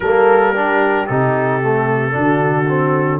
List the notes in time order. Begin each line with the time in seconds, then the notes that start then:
0.00 G3 A#3 A4 A#4
0.53 D4 G4
1.06 C3 D#4 A4
1.62 A3
2.12 D3 D4 F#4
2.68 C4